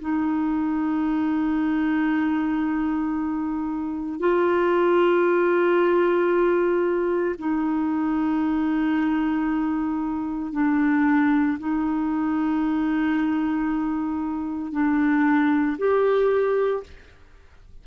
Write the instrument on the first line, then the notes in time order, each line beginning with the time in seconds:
clarinet
0.00 D#4
4.19 F4
7.38 D#4
10.53 D4
11.59 D#4
14.72 D4
15.78 G4